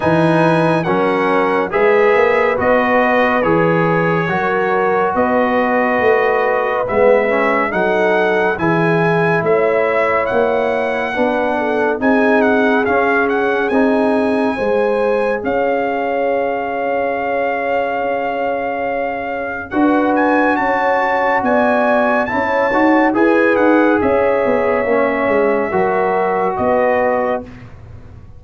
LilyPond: <<
  \new Staff \with { instrumentName = "trumpet" } { \time 4/4 \tempo 4 = 70 gis''4 fis''4 e''4 dis''4 | cis''2 dis''2 | e''4 fis''4 gis''4 e''4 | fis''2 gis''8 fis''8 f''8 fis''8 |
gis''2 f''2~ | f''2. fis''8 gis''8 | a''4 gis''4 a''4 gis''8 fis''8 | e''2. dis''4 | }
  \new Staff \with { instrumentName = "horn" } { \time 4/4 b'4 ais'4 b'2~ | b'4 ais'4 b'2~ | b'4 a'4 gis'4 cis''4~ | cis''4 b'8 a'8 gis'2~ |
gis'4 c''4 cis''2~ | cis''2. b'4 | cis''4 d''4 cis''4 b'4 | cis''2 ais'4 b'4 | }
  \new Staff \with { instrumentName = "trombone" } { \time 4/4 dis'4 cis'4 gis'4 fis'4 | gis'4 fis'2. | b8 cis'8 dis'4 e'2~ | e'4 d'4 dis'4 cis'4 |
dis'4 gis'2.~ | gis'2. fis'4~ | fis'2 e'8 fis'8 gis'4~ | gis'4 cis'4 fis'2 | }
  \new Staff \with { instrumentName = "tuba" } { \time 4/4 e4 fis4 gis8 ais8 b4 | e4 fis4 b4 a4 | gis4 fis4 e4 a4 | ais4 b4 c'4 cis'4 |
c'4 gis4 cis'2~ | cis'2. d'4 | cis'4 b4 cis'8 dis'8 e'8 dis'8 | cis'8 b8 ais8 gis8 fis4 b4 | }
>>